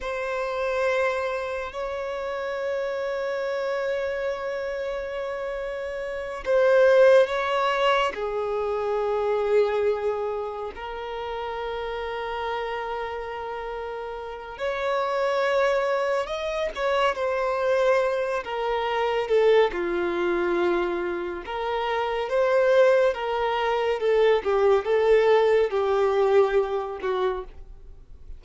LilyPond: \new Staff \with { instrumentName = "violin" } { \time 4/4 \tempo 4 = 70 c''2 cis''2~ | cis''2.~ cis''8 c''8~ | c''8 cis''4 gis'2~ gis'8~ | gis'8 ais'2.~ ais'8~ |
ais'4 cis''2 dis''8 cis''8 | c''4. ais'4 a'8 f'4~ | f'4 ais'4 c''4 ais'4 | a'8 g'8 a'4 g'4. fis'8 | }